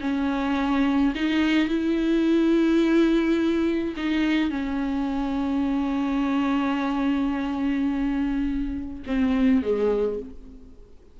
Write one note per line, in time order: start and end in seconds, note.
0.00 1.13 C#4
1.15 1.68 D#4
1.68 3.95 E4
3.96 4.50 D#4
4.50 9.03 C#4
9.06 9.63 C4
9.63 10.19 G#3